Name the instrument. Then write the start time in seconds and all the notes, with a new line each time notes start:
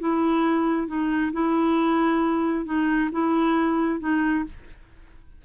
clarinet
0.00 E4
0.87 D#4
1.33 E4
2.65 D#4
3.12 E4
4.00 D#4